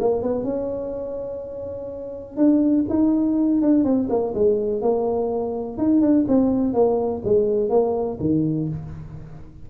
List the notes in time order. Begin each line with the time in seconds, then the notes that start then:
0.00 A#3
0.22 B3
0.44 C#4
2.37 D4
2.89 D#4
3.62 D4
3.84 C4
4.09 A#3
4.34 G#3
4.82 A#3
5.78 D#4
6.01 D4
6.28 C4
6.74 A#3
7.24 G#3
7.70 A#3
8.20 D#3